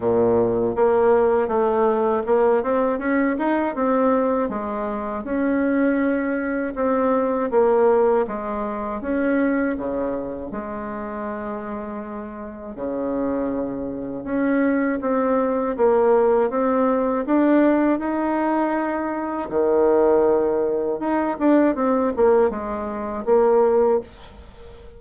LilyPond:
\new Staff \with { instrumentName = "bassoon" } { \time 4/4 \tempo 4 = 80 ais,4 ais4 a4 ais8 c'8 | cis'8 dis'8 c'4 gis4 cis'4~ | cis'4 c'4 ais4 gis4 | cis'4 cis4 gis2~ |
gis4 cis2 cis'4 | c'4 ais4 c'4 d'4 | dis'2 dis2 | dis'8 d'8 c'8 ais8 gis4 ais4 | }